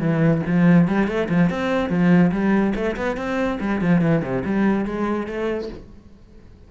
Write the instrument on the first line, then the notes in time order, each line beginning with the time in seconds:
cello
0.00 E3
0.47 F3
0.88 G3
1.08 A3
1.29 F3
1.50 C4
1.90 F3
2.32 G3
2.76 A3
2.97 B3
3.17 C4
3.61 G3
3.82 F3
4.02 E3
4.23 C3
4.45 G3
4.86 G#3
5.27 A3